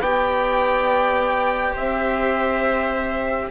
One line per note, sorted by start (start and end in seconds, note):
0.00 1.74 B3
0.00 3.51 G4
0.00 1.73 D5
0.00 1.76 G5
1.73 3.51 C4
1.73 3.47 C5
1.73 3.51 E5